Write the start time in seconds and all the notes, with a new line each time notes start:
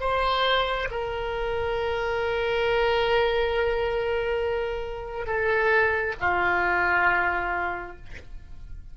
0.00 C5
0.91 A#4
5.27 A4
6.20 F4